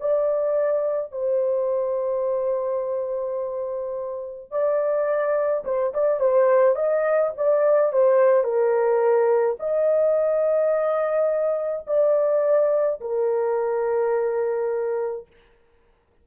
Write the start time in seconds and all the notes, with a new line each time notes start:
0.00 D5
1.12 C5
4.51 D5
5.64 C5
5.93 D5
6.20 C5
6.75 D#5
7.36 D5
7.92 C5
8.43 A#4
9.59 D#5
11.87 D5
13.00 A#4